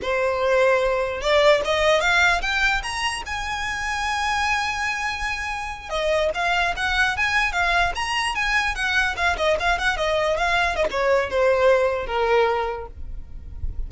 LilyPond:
\new Staff \with { instrumentName = "violin" } { \time 4/4 \tempo 4 = 149 c''2. d''4 | dis''4 f''4 g''4 ais''4 | gis''1~ | gis''2~ gis''8. dis''4 f''16~ |
f''8. fis''4 gis''4 f''4 ais''16~ | ais''8. gis''4 fis''4 f''8 dis''8 f''16~ | f''16 fis''8 dis''4 f''4 dis''16 cis''4 | c''2 ais'2 | }